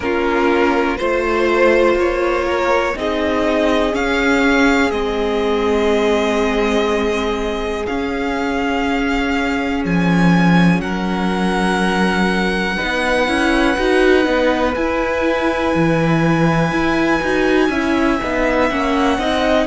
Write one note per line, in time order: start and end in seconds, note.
0.00 0.98 A#3
0.00 0.97 C#4
0.00 0.98 F4
0.00 0.97 A#4
0.97 1.95 A3
0.97 2.94 F4
0.97 1.95 C5
0.97 2.44 C5
1.95 2.94 A#3
1.95 2.98 C#5
2.44 2.94 A#4
2.94 3.94 C4
2.94 3.92 D#4
2.94 10.82 G#4
2.94 3.94 D#5
3.92 4.90 C#4
3.92 4.91 C#4
3.92 4.90 F5
4.90 7.86 G#3
4.90 7.86 C4
4.90 7.85 D#5
7.86 12.76 C#4
7.86 9.84 C#4
7.86 9.83 F5
9.84 10.80 F3
9.84 10.81 G#5
10.80 12.77 F#3
10.80 12.76 A#4
10.80 14.74 F#5
12.76 13.26 D#4
12.76 17.68 B4
12.82 13.28 B3
13.27 13.77 C#4
13.27 13.76 E4
13.77 14.26 D#4
13.77 14.24 F#4
14.24 14.75 B3
14.24 14.73 D#4
14.74 15.74 E4
14.74 17.22 E4
14.74 18.68 G#5
15.75 16.71 E3
16.71 17.20 E4
17.22 17.69 D#4
17.22 17.71 F#4
17.69 18.18 C#4
17.69 18.21 E4
17.69 19.17 E5
18.22 18.70 B3
18.22 18.71 D#4
18.68 19.17 A#3
18.68 19.19 C#4
18.68 19.67 F#5
19.17 19.66 C4
19.17 19.67 D#4
19.17 19.67 D#5